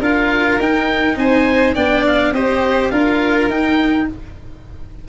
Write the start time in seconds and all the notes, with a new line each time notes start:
0.00 D4 F4 A#4 F5
0.59 D#4 G5
1.17 C4 C5 G#5
1.75 B3 D4 D5 G5
2.07 F5
2.32 C4 G4 C5 D#5
2.90 D4 F4 A#4 F5
3.48 D#4 G5